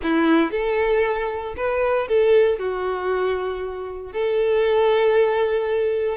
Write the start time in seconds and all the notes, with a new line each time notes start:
0.02 E4
0.51 A4
1.56 B4
2.08 A4
2.58 F#4
4.12 A4